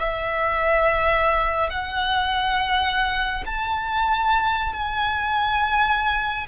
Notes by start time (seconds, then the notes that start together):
0.00 E5
1.70 F#5
3.46 A5
4.74 G#5